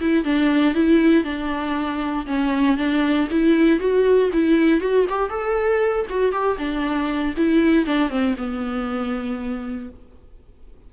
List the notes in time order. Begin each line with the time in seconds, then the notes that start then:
0.00 E4
0.24 D4
0.74 E4
1.24 D4
2.26 C#4
2.77 D4
3.30 E4
3.79 F#4
4.32 E4
4.81 F#4
5.09 G4
5.29 A4
6.09 F#4
6.32 G4
6.58 D4
7.37 E4
7.86 D4
8.09 C4
8.37 B3